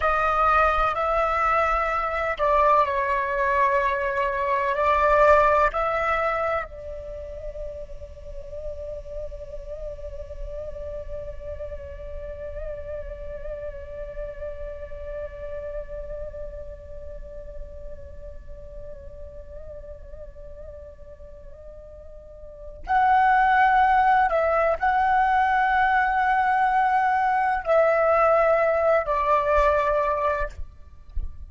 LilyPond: \new Staff \with { instrumentName = "flute" } { \time 4/4 \tempo 4 = 63 dis''4 e''4. d''8 cis''4~ | cis''4 d''4 e''4 d''4~ | d''1~ | d''1~ |
d''1~ | d''1 | fis''4. e''8 fis''2~ | fis''4 e''4. d''4. | }